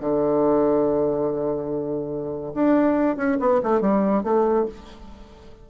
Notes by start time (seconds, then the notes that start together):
0.00 D3
2.54 D4
3.17 C#4
3.40 B3
3.63 A3
3.81 G3
4.23 A3